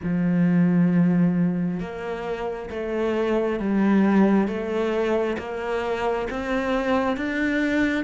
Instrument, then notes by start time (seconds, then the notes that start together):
cello
0.03 F3
1.80 A#3
2.70 A3
3.59 G3
4.47 A3
5.38 A#3
6.29 C4
7.16 D4